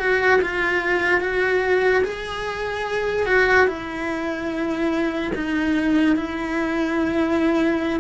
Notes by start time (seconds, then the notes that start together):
0.00 F#4
0.42 F4
1.21 F#4
2.04 G#4
3.27 F#4
3.68 E4
5.35 D#4
6.16 E4